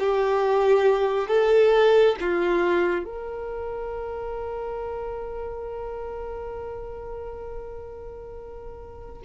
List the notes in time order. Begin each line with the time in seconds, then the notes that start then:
0.00 G4
1.28 A4
2.21 F4
3.05 A#4